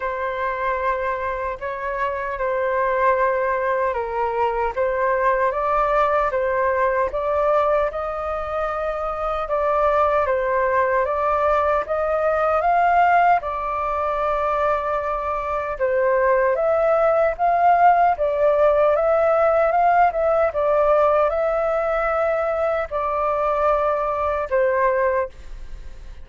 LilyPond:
\new Staff \with { instrumentName = "flute" } { \time 4/4 \tempo 4 = 76 c''2 cis''4 c''4~ | c''4 ais'4 c''4 d''4 | c''4 d''4 dis''2 | d''4 c''4 d''4 dis''4 |
f''4 d''2. | c''4 e''4 f''4 d''4 | e''4 f''8 e''8 d''4 e''4~ | e''4 d''2 c''4 | }